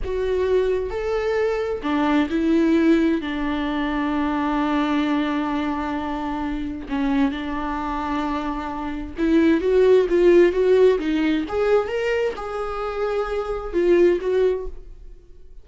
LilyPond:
\new Staff \with { instrumentName = "viola" } { \time 4/4 \tempo 4 = 131 fis'2 a'2 | d'4 e'2 d'4~ | d'1~ | d'2. cis'4 |
d'1 | e'4 fis'4 f'4 fis'4 | dis'4 gis'4 ais'4 gis'4~ | gis'2 f'4 fis'4 | }